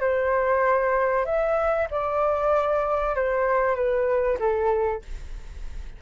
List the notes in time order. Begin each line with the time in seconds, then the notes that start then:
0.00 C5
1.25 E5
1.90 D5
3.15 C5
3.75 B4
4.39 A4